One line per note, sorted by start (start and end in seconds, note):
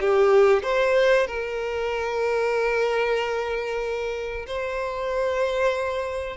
0.00 0.63 G4
0.63 1.26 C5
1.27 4.46 A#4
4.47 6.36 C5